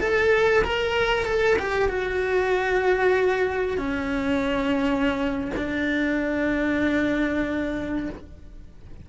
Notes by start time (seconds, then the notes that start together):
0.00 A4
0.64 A#4
1.26 A4
1.59 G4
1.89 F#4
3.78 C#4
5.57 D4